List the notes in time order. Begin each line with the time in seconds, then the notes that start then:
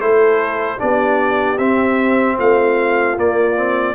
0.00 A3 E4 A4 C5
0.78 B3 D4 G4 D5
1.58 C4 E5
2.38 A3 F4 F5
3.17 A#3 D5
3.55 C4